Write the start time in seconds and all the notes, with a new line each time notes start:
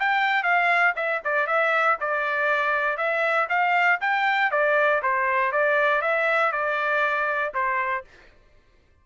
0.00 G5
0.44 F5
0.96 E5
1.25 D5
1.47 E5
2.01 D5
2.98 E5
3.50 F5
4.01 G5
4.52 D5
5.03 C5
5.52 D5
6.02 E5
6.52 D5
7.54 C5